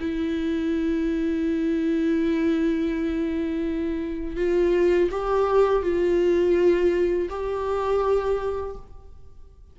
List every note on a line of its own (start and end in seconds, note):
0.00 4.37 E4
4.37 5.10 F4
5.11 5.83 G4
5.83 7.29 F4
7.30 8.76 G4